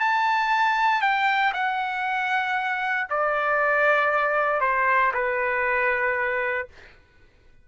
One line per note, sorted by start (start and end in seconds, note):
0.00 1.02 A5
1.02 1.53 G5
1.54 3.08 F#5
3.10 4.61 D5
4.61 5.12 C5
5.14 6.68 B4